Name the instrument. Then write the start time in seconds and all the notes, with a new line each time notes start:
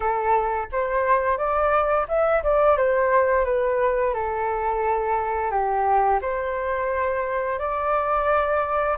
flute
0.00 A4
0.71 C5
1.37 D5
2.08 E5
2.43 D5
2.77 C5
3.45 B4
4.13 A4
5.50 G4
6.21 C5
7.58 D5